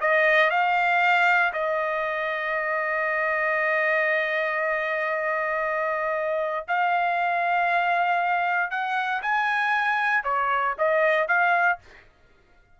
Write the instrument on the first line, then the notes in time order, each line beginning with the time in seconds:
trumpet
0.00 D#5
0.50 F5
1.52 D#5
6.68 F5
8.70 F#5
9.22 G#5
10.23 C#5
10.78 D#5
11.28 F5